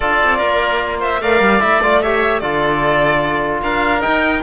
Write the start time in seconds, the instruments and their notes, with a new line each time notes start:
0.00 cello D4, trombone F4, oboe A4, violin D5
0.23 cello C4
0.37 cello A#3, oboe A#4
1.00 oboe C5, violin E5
1.21 cello A3, trombone A#4, oboe D5, violin F5
1.40 cello G3
1.60 cello A3, trombone E4, violin E5
1.82 trombone F4, violin D5
2.02 trombone G4, oboe C#5, violin E5
2.39 cello D3, trombone F4, oboe A4, violin D5
3.62 cello D4, oboe A#4, violin F5
3.99 trombone D#4, violin G5
4.06 cello D#4